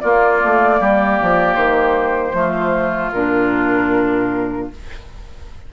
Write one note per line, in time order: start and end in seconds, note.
0.00 2.33 A#3
0.00 0.42 A#3
0.00 0.80 F4
0.00 1.54 D5
0.43 0.80 A3
0.80 1.19 G3
0.80 2.35 G4
1.21 1.56 F3
1.54 2.33 D#3
1.54 3.10 C5
2.33 3.11 F3
2.33 3.11 A3
2.33 4.72 F4
3.12 4.68 A#2
3.12 4.71 D4
3.12 4.67 A#4